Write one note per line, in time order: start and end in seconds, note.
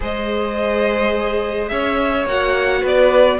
0.00 1.71 G#3
0.00 2.25 G#4
0.00 1.70 C5
0.00 1.68 D#5
1.68 2.25 C#4
1.68 2.81 C#5
1.68 2.24 E5
2.25 2.82 A#3
2.25 3.40 F#4
2.25 2.85 F#5
2.81 3.40 B3
2.81 3.38 B4
2.81 3.40 D5